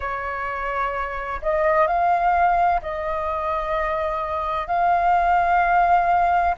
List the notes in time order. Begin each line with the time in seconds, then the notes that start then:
0.00 C#5
1.42 D#5
1.87 F5
2.82 D#5
4.67 F5